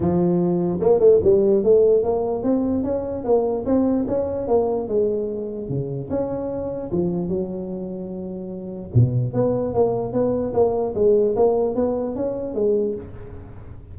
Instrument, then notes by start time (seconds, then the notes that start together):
tuba
0.00 F3
0.80 A#3
0.99 A3
1.23 G3
1.63 A3
2.03 A#3
2.43 C4
2.83 C#4
3.24 A#3
3.65 C4
4.07 C#4
4.47 A#3
4.87 G#3
5.68 C#3
6.09 C#4
6.91 F3
7.28 F#3
8.94 B2
9.33 B3
9.74 A#3
10.12 B3
10.53 A#3
10.95 G#3
11.36 A#3
11.75 B3
12.15 C#4
12.54 G#3